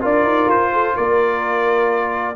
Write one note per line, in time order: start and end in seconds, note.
0.00 0.23 D4
0.00 2.35 F4
0.00 0.70 A#4
0.00 0.50 D5
0.23 0.46 D#4
0.47 0.94 F4
0.47 0.96 C5
0.72 0.94 A4
0.94 2.35 A#3
0.94 2.35 A#4
0.94 2.35 D5